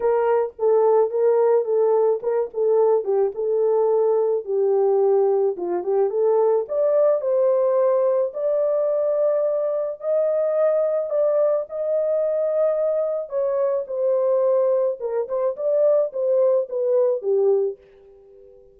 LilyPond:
\new Staff \with { instrumentName = "horn" } { \time 4/4 \tempo 4 = 108 ais'4 a'4 ais'4 a'4 | ais'8 a'4 g'8 a'2 | g'2 f'8 g'8 a'4 | d''4 c''2 d''4~ |
d''2 dis''2 | d''4 dis''2. | cis''4 c''2 ais'8 c''8 | d''4 c''4 b'4 g'4 | }